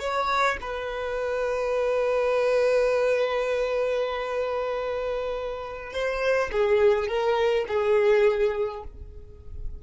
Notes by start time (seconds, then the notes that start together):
0.00 C#5
0.61 B4
5.93 C5
6.52 G#4
7.08 A#4
7.68 G#4